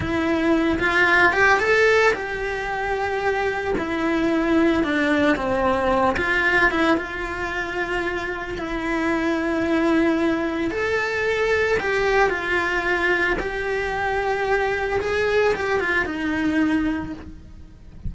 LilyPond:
\new Staff \with { instrumentName = "cello" } { \time 4/4 \tempo 4 = 112 e'4. f'4 g'8 a'4 | g'2. e'4~ | e'4 d'4 c'4. f'8~ | f'8 e'8 f'2. |
e'1 | a'2 g'4 f'4~ | f'4 g'2. | gis'4 g'8 f'8 dis'2 | }